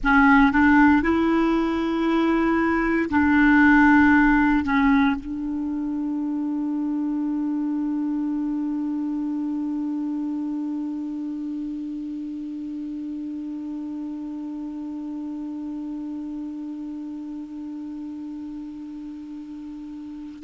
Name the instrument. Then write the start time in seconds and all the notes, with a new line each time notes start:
clarinet
0.03 C#4
0.52 D4
1.02 E4
3.10 D4
4.64 C#4
5.20 D4